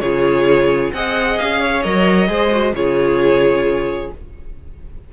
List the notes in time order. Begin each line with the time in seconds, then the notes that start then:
0.00 C#3 F4 G#4 C#5
0.93 C4 G#4 D#5 F#5
1.39 C#4 F5
1.60 C#5
1.83 F#3 A#4 D#5
2.28 G#3 G#4 C5
2.52 F#4
2.73 C#3 F4 G#4 C#5